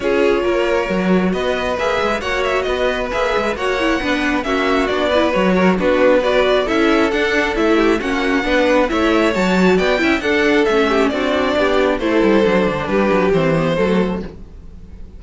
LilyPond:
<<
  \new Staff \with { instrumentName = "violin" } { \time 4/4 \tempo 4 = 135 cis''2. dis''4 | e''4 fis''8 e''8 dis''4 e''4 | fis''2 e''4 d''4 | cis''4 b'4 d''4 e''4 |
fis''4 e''4 fis''2 | e''4 a''4 g''4 fis''4 | e''4 d''2 c''4~ | c''4 b'4 c''2 | }
  \new Staff \with { instrumentName = "violin" } { \time 4/4 gis'4 ais'2 b'4~ | b'4 cis''4 b'2 | cis''4 b'4 fis'4. b'8~ | b'8 ais'8 fis'4 b'4 a'4~ |
a'4. g'8 fis'4 b'4 | cis''2 d''8 e''8 a'4~ | a'8 g'8 fis'4 g'4 a'4~ | a'4 g'2 a'4 | }
  \new Staff \with { instrumentName = "viola" } { \time 4/4 f'2 fis'2 | gis'4 fis'2 gis'4 | fis'8 e'8 d'4 cis'4 d'8 e'8 | fis'4 d'4 fis'4 e'4 |
d'4 e'4 cis'4 d'4 | e'4 fis'4. e'8 d'4 | cis'4 d'2 e'4 | d'2 c'8 b8 a4 | }
  \new Staff \with { instrumentName = "cello" } { \time 4/4 cis'4 ais4 fis4 b4 | ais8 gis8 ais4 b4 ais8 gis8 | ais4 b4 ais4 b4 | fis4 b2 cis'4 |
d'4 a4 ais4 b4 | a4 fis4 b8 cis'8 d'4 | a4 c'4 b4 a8 g8 | fis8 d8 g8 fis8 e4 fis4 | }
>>